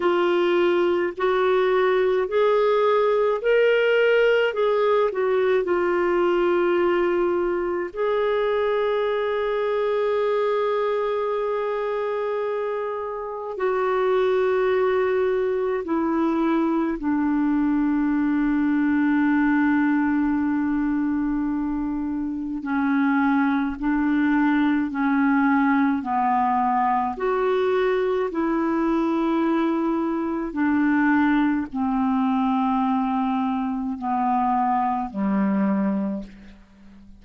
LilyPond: \new Staff \with { instrumentName = "clarinet" } { \time 4/4 \tempo 4 = 53 f'4 fis'4 gis'4 ais'4 | gis'8 fis'8 f'2 gis'4~ | gis'1 | fis'2 e'4 d'4~ |
d'1 | cis'4 d'4 cis'4 b4 | fis'4 e'2 d'4 | c'2 b4 g4 | }